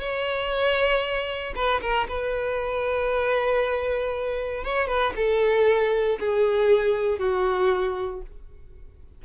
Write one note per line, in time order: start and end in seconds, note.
0.00 1.54 C#5
1.55 1.81 B4
1.82 2.07 A#4
2.09 4.64 B4
4.64 4.88 C#5
4.88 5.14 B4
5.17 6.19 A4
6.20 7.19 G#4
7.19 8.22 F#4